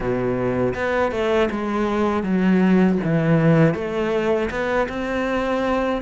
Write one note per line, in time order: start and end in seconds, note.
0.00 0.74 B2
0.74 1.11 B3
1.11 1.49 A3
1.50 2.23 G#3
2.23 2.98 F#3
3.03 3.74 E3
3.74 4.49 A3
4.50 4.88 B3
4.89 6.01 C4